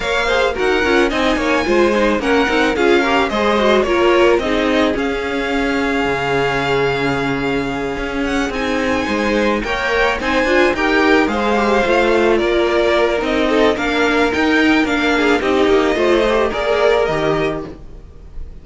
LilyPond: <<
  \new Staff \with { instrumentName = "violin" } { \time 4/4 \tempo 4 = 109 f''4 fis''4 gis''2 | fis''4 f''4 dis''4 cis''4 | dis''4 f''2.~ | f''2. fis''8 gis''8~ |
gis''4. g''4 gis''4 g''8~ | g''8 f''2 d''4. | dis''4 f''4 g''4 f''4 | dis''2 d''4 dis''4 | }
  \new Staff \with { instrumentName = "violin" } { \time 4/4 cis''8 c''8 ais'4 dis''8 cis''8 c''4 | ais'4 gis'8 ais'8 c''4 ais'4 | gis'1~ | gis'1~ |
gis'8 c''4 cis''4 c''4 ais'8~ | ais'8 c''2 ais'4.~ | ais'8 a'8 ais'2~ ais'8 gis'8 | g'4 c''4 ais'2 | }
  \new Staff \with { instrumentName = "viola" } { \time 4/4 ais'8 gis'8 fis'8 f'8 dis'4 f'8 dis'8 | cis'8 dis'8 f'8 g'8 gis'8 fis'8 f'4 | dis'4 cis'2.~ | cis'2.~ cis'8 dis'8~ |
dis'4. ais'4 dis'8 f'8 g'8~ | g'8 gis'8 g'8 f'2~ f'8 | dis'4 d'4 dis'4 d'4 | dis'4 f'8 g'8 gis'4 g'4 | }
  \new Staff \with { instrumentName = "cello" } { \time 4/4 ais4 dis'8 cis'8 c'8 ais8 gis4 | ais8 c'8 cis'4 gis4 ais4 | c'4 cis'2 cis4~ | cis2~ cis8 cis'4 c'8~ |
c'8 gis4 ais4 c'8 d'8 dis'8~ | dis'8 gis4 a4 ais4. | c'4 ais4 dis'4 ais4 | c'8 ais8 a4 ais4 dis4 | }
>>